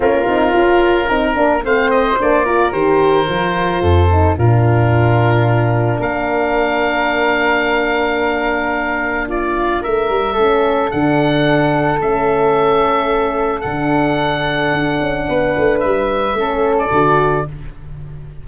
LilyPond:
<<
  \new Staff \with { instrumentName = "oboe" } { \time 4/4 \tempo 4 = 110 ais'2. f''8 dis''8 | d''4 c''2. | ais'2. f''4~ | f''1~ |
f''4 d''4 e''2 | fis''2 e''2~ | e''4 fis''2.~ | fis''4 e''4.~ e''16 d''4~ d''16 | }
  \new Staff \with { instrumentName = "flute" } { \time 4/4 f'2 ais'4 c''4~ | c''8 ais'2~ ais'8 a'4 | f'2. ais'4~ | ais'1~ |
ais'4 f'4 ais'4 a'4~ | a'1~ | a'1 | b'2 a'2 | }
  \new Staff \with { instrumentName = "horn" } { \time 4/4 cis'8 dis'8 f'4 dis'8 d'8 c'4 | d'8 f'8 g'4 f'4. dis'8 | d'1~ | d'1~ |
d'2. cis'4 | d'2 cis'2~ | cis'4 d'2.~ | d'2 cis'4 fis'4 | }
  \new Staff \with { instrumentName = "tuba" } { \time 4/4 ais8 c'8 cis'4 c'8 ais8 a4 | ais4 dis4 f4 f,4 | ais,2. ais4~ | ais1~ |
ais2 a8 g8 a4 | d2 a2~ | a4 d2 d'8 cis'8 | b8 a8 g4 a4 d4 | }
>>